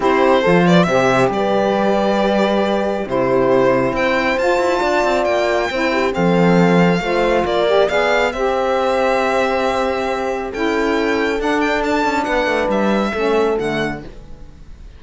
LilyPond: <<
  \new Staff \with { instrumentName = "violin" } { \time 4/4 \tempo 4 = 137 c''4. d''8 e''4 d''4~ | d''2. c''4~ | c''4 g''4 a''2 | g''2 f''2~ |
f''4 d''4 f''4 e''4~ | e''1 | g''2 fis''8 g''8 a''4 | fis''4 e''2 fis''4 | }
  \new Staff \with { instrumentName = "horn" } { \time 4/4 g'4 a'8 b'8 c''4 b'4~ | b'2. g'4~ | g'4 c''2 d''4~ | d''4 c''8 g'8 a'2 |
c''4 ais'4 d''4 c''4~ | c''1 | a'1 | b'2 a'2 | }
  \new Staff \with { instrumentName = "saxophone" } { \time 4/4 e'4 f'4 g'2~ | g'2. e'4~ | e'2 f'2~ | f'4 e'4 c'2 |
f'4. g'8 gis'4 g'4~ | g'1 | e'2 d'2~ | d'2 cis'4 a4 | }
  \new Staff \with { instrumentName = "cello" } { \time 4/4 c'4 f4 c4 g4~ | g2. c4~ | c4 c'4 f'8 e'8 d'8 c'8 | ais4 c'4 f2 |
a4 ais4 b4 c'4~ | c'1 | cis'2 d'4. cis'8 | b8 a8 g4 a4 d4 | }
>>